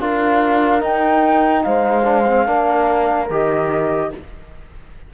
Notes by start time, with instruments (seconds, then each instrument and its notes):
0.00 cello D4, trombone F4, horn A#4, flute F5
0.80 trombone D#4, cello D#4, flute G5
1.64 cello G#3, horn C5, flute F5
2.04 trombone D4
2.27 trombone C4
2.46 cello A#3, trombone D4, horn A#4
3.30 cello D#3, trombone G4, flute D#5